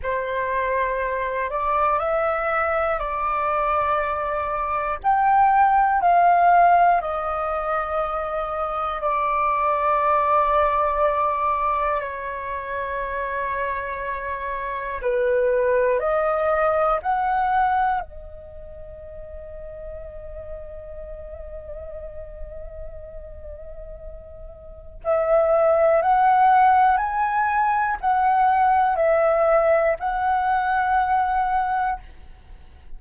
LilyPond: \new Staff \with { instrumentName = "flute" } { \time 4/4 \tempo 4 = 60 c''4. d''8 e''4 d''4~ | d''4 g''4 f''4 dis''4~ | dis''4 d''2. | cis''2. b'4 |
dis''4 fis''4 dis''2~ | dis''1~ | dis''4 e''4 fis''4 gis''4 | fis''4 e''4 fis''2 | }